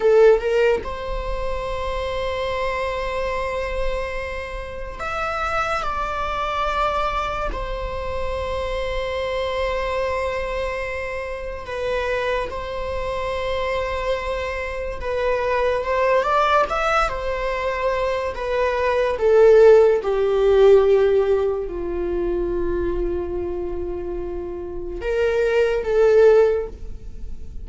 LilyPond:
\new Staff \with { instrumentName = "viola" } { \time 4/4 \tempo 4 = 72 a'8 ais'8 c''2.~ | c''2 e''4 d''4~ | d''4 c''2.~ | c''2 b'4 c''4~ |
c''2 b'4 c''8 d''8 | e''8 c''4. b'4 a'4 | g'2 f'2~ | f'2 ais'4 a'4 | }